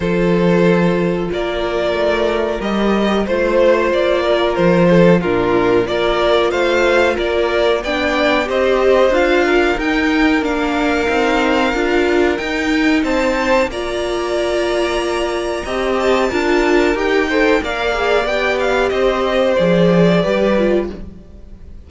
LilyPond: <<
  \new Staff \with { instrumentName = "violin" } { \time 4/4 \tempo 4 = 92 c''2 d''2 | dis''4 c''4 d''4 c''4 | ais'4 d''4 f''4 d''4 | g''4 dis''4 f''4 g''4 |
f''2. g''4 | a''4 ais''2.~ | ais''8 a''4. g''4 f''4 | g''8 f''8 dis''4 d''2 | }
  \new Staff \with { instrumentName = "violin" } { \time 4/4 a'2 ais'2~ | ais'4 c''4. ais'4 a'8 | f'4 ais'4 c''4 ais'4 | d''4 c''4. ais'4.~ |
ais'1 | c''4 d''2. | dis''4 ais'4. c''8 d''4~ | d''4 c''2 b'4 | }
  \new Staff \with { instrumentName = "viola" } { \time 4/4 f'1 | g'4 f'2. | d'4 f'2. | d'4 g'4 f'4 dis'4 |
d'4 dis'4 f'4 dis'4~ | dis'4 f'2. | g'4 f'4 g'8 a'8 ais'8 gis'8 | g'2 gis'4 g'8 f'8 | }
  \new Staff \with { instrumentName = "cello" } { \time 4/4 f2 ais4 a4 | g4 a4 ais4 f4 | ais,4 ais4 a4 ais4 | b4 c'4 d'4 dis'4 |
ais4 c'4 d'4 dis'4 | c'4 ais2. | c'4 d'4 dis'4 ais4 | b4 c'4 f4 g4 | }
>>